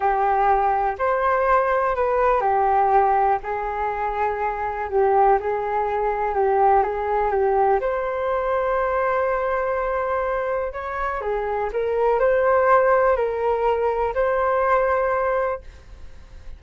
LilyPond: \new Staff \with { instrumentName = "flute" } { \time 4/4 \tempo 4 = 123 g'2 c''2 | b'4 g'2 gis'4~ | gis'2 g'4 gis'4~ | gis'4 g'4 gis'4 g'4 |
c''1~ | c''2 cis''4 gis'4 | ais'4 c''2 ais'4~ | ais'4 c''2. | }